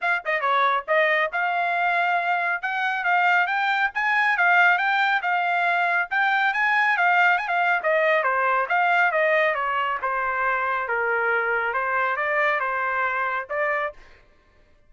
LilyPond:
\new Staff \with { instrumentName = "trumpet" } { \time 4/4 \tempo 4 = 138 f''8 dis''8 cis''4 dis''4 f''4~ | f''2 fis''4 f''4 | g''4 gis''4 f''4 g''4 | f''2 g''4 gis''4 |
f''4 gis''16 f''8. dis''4 c''4 | f''4 dis''4 cis''4 c''4~ | c''4 ais'2 c''4 | d''4 c''2 d''4 | }